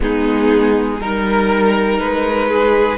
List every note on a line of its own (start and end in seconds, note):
0.00 1.00 G#3
0.00 0.99 B3
0.00 1.00 D#4
0.00 1.01 G#4
1.00 1.99 G3
1.00 2.97 D#4
1.00 2.49 A#4
1.00 1.99 A#4
1.99 2.97 G#3
1.99 2.97 B4
2.49 2.97 G#4